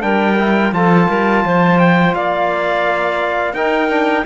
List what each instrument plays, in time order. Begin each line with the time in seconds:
0.00 cello G3, trombone D4, clarinet A#4, trumpet G5
0.39 trombone E4
0.72 cello F3, trombone F4, clarinet A4, trumpet A5
1.08 cello G3, clarinet A#4
1.45 cello F3, clarinet C5
1.79 trumpet G5
2.14 cello A#3, clarinet D5, trumpet F5
3.53 cello D#4, trombone D#4, clarinet A#4, trumpet G5
3.89 trombone D4